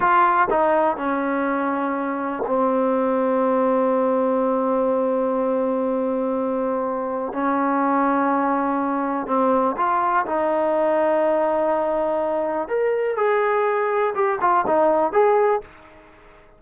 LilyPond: \new Staff \with { instrumentName = "trombone" } { \time 4/4 \tempo 4 = 123 f'4 dis'4 cis'2~ | cis'4 c'2.~ | c'1~ | c'2. cis'4~ |
cis'2. c'4 | f'4 dis'2.~ | dis'2 ais'4 gis'4~ | gis'4 g'8 f'8 dis'4 gis'4 | }